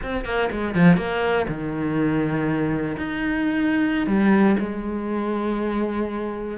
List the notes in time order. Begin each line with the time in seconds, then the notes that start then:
0.02 C4
0.25 A#3
0.51 G#3
0.74 F3
0.96 A#3
1.47 D#3
2.97 D#4
4.07 G3
4.59 G#3